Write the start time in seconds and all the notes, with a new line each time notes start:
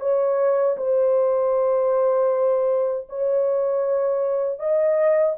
0.00 C#5
0.77 C5
3.09 C#5
4.59 D#5